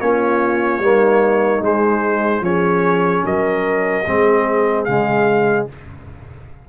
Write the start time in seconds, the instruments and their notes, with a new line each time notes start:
0.00 tuba A#3, trombone C#4, horn F4, trumpet C#5
0.79 tuba G3, trombone A#3, horn D#4
1.61 tuba G#3, trombone G#3, trumpet C5
2.40 tuba F3, trombone C#4, horn G#4, trumpet C#5
3.24 tuba F#3, horn A#4, trumpet D#5
4.06 tuba G#3, trombone C4, horn G#4
4.84 tuba C#3, trombone G#3, trumpet F5